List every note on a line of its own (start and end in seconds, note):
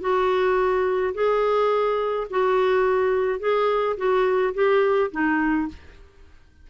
0.00 1.13 F#4
1.13 2.27 G#4
2.30 3.39 F#4
3.39 3.96 G#4
3.96 4.53 F#4
4.54 5.10 G4
5.11 5.68 D#4